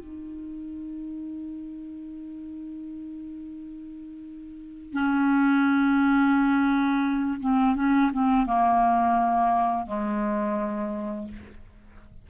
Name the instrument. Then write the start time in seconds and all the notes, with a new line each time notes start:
clarinet
0.00 D#4
4.93 C#4
7.41 C4
7.76 C#4
8.13 C4
8.46 A#3
9.87 G#3